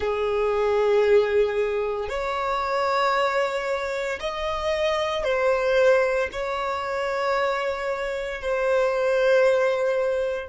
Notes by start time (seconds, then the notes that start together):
0.00 G#4
2.08 C#5
4.20 D#5
5.23 C5
6.32 C#5
8.41 C5